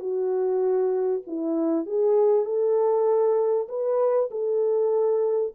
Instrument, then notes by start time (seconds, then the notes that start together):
horn
0.00 F#4
1.27 E4
1.86 G#4
2.46 A4
3.69 B4
4.31 A4